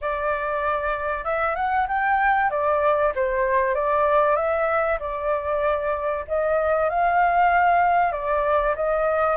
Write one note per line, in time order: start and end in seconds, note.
0.01 1.24 D5
1.24 1.55 E5
1.55 1.86 F#5
1.88 2.50 G5
2.50 3.12 D5
3.15 3.74 C5
3.74 4.36 D5
4.36 4.98 E5
4.99 6.24 D5
6.27 6.89 D#5
6.89 8.12 F5
8.12 8.74 D5
8.75 9.36 D#5